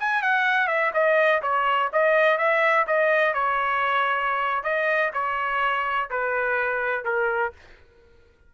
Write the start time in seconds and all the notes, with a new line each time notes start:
0.00 G#5
0.22 F#5
0.68 E5
0.94 D#5
1.43 C#5
1.93 D#5
2.38 E5
2.88 D#5
3.34 C#5
4.64 D#5
5.14 C#5
6.10 B4
7.05 A#4